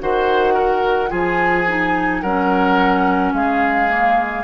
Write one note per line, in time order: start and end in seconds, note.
0.00 1.11 D#3
0.00 1.08 F#4
0.00 0.54 C5
0.00 1.10 F#5
0.54 1.09 A#4
1.08 2.22 F3
1.08 1.64 F4
1.08 2.21 G#4
1.08 2.21 G#5
1.67 2.23 D#4
2.21 3.33 F#3
2.21 3.88 C#4
2.21 3.33 A#4
2.21 3.32 F#5
3.33 4.44 G#3
3.33 4.44 G#4
3.33 4.44 F5
3.88 4.44 A#3